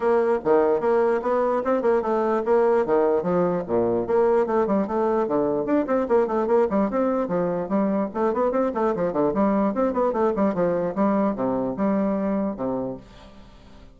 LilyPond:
\new Staff \with { instrumentName = "bassoon" } { \time 4/4 \tempo 4 = 148 ais4 dis4 ais4 b4 | c'8 ais8 a4 ais4 dis4 | f4 ais,4 ais4 a8 g8 | a4 d4 d'8 c'8 ais8 a8 |
ais8 g8 c'4 f4 g4 | a8 b8 c'8 a8 f8 d8 g4 | c'8 b8 a8 g8 f4 g4 | c4 g2 c4 | }